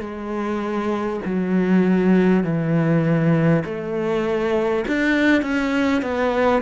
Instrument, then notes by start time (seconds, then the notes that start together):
cello
0.00 G#3
1.25 F#3
2.43 E3
3.64 A3
4.88 D4
5.42 C#4
6.02 B3